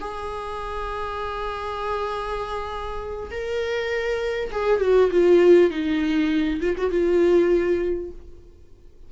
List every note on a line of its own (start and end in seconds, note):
0.00 3.30 G#4
3.30 4.50 A#4
4.51 4.80 G#4
4.80 5.10 F#4
5.11 5.70 F4
5.70 6.60 D#4
6.60 6.75 F4
6.77 6.90 F#4
6.90 8.10 F4